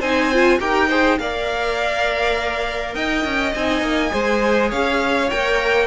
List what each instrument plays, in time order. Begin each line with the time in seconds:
0.00 cello C4, viola D#4, violin C5 G#5
0.33 viola F4
0.60 cello D#4, viola G4, violin A#4 G5
0.89 viola G#4, violin C5
1.19 cello A#3, viola A#4, violin D5 F5
2.95 cello D#4, violin D#5 G5
3.25 cello C#4
3.55 cello C4, viola D#4, violin G#5
3.82 cello A#3
4.11 cello G#3, viola G#4, violin C5
4.70 cello C#4, violin C#5 F5
5.31 cello A#3, viola A#4, violin G5